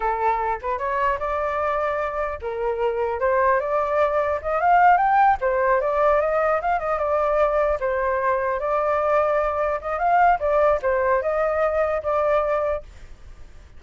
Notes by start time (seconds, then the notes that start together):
0.00 A4
0.61 B4
0.78 C#5
1.19 D5
2.41 A#4
3.19 C5
3.59 D5
4.42 D#5
4.61 F5
4.97 G5
5.40 C5
5.80 D5
6.20 D#5
6.61 F5
6.79 D#5
6.98 D5
7.79 C5
8.59 D5
9.81 D#5
9.99 F5
10.39 D5
10.81 C5
11.22 D#5
12.02 D5